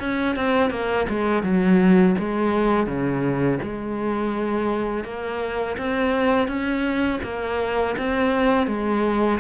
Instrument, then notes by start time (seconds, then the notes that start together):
cello
0.00 C#4
0.36 C4
0.70 A#3
1.09 G#3
1.43 F#3
2.19 G#3
2.87 C#3
3.63 G#3
5.04 A#3
5.78 C4
6.48 C#4
7.24 A#3
7.98 C4
8.67 G#3